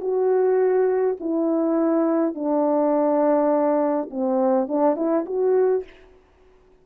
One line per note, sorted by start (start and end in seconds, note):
0.00 1.17 F#4
1.20 2.34 E4
2.34 4.09 D4
4.10 4.68 C4
4.68 4.95 D4
4.95 5.25 E4
5.25 5.83 F#4